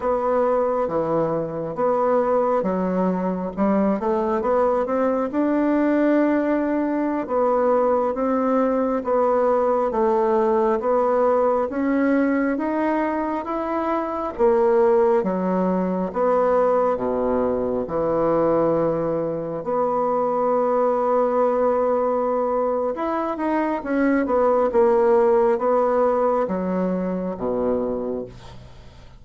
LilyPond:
\new Staff \with { instrumentName = "bassoon" } { \time 4/4 \tempo 4 = 68 b4 e4 b4 fis4 | g8 a8 b8 c'8 d'2~ | d'16 b4 c'4 b4 a8.~ | a16 b4 cis'4 dis'4 e'8.~ |
e'16 ais4 fis4 b4 b,8.~ | b,16 e2 b4.~ b16~ | b2 e'8 dis'8 cis'8 b8 | ais4 b4 fis4 b,4 | }